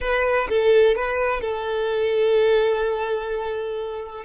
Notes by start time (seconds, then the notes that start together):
0.01 B4
0.49 A4
0.96 B4
1.40 A4